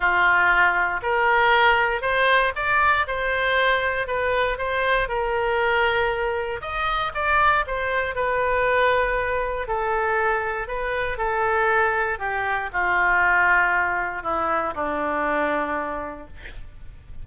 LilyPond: \new Staff \with { instrumentName = "oboe" } { \time 4/4 \tempo 4 = 118 f'2 ais'2 | c''4 d''4 c''2 | b'4 c''4 ais'2~ | ais'4 dis''4 d''4 c''4 |
b'2. a'4~ | a'4 b'4 a'2 | g'4 f'2. | e'4 d'2. | }